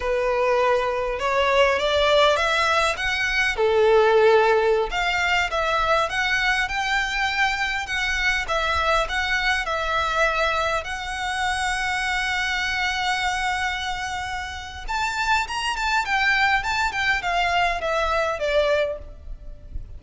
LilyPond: \new Staff \with { instrumentName = "violin" } { \time 4/4 \tempo 4 = 101 b'2 cis''4 d''4 | e''4 fis''4 a'2~ | a'16 f''4 e''4 fis''4 g''8.~ | g''4~ g''16 fis''4 e''4 fis''8.~ |
fis''16 e''2 fis''4.~ fis''16~ | fis''1~ | fis''4 a''4 ais''8 a''8 g''4 | a''8 g''8 f''4 e''4 d''4 | }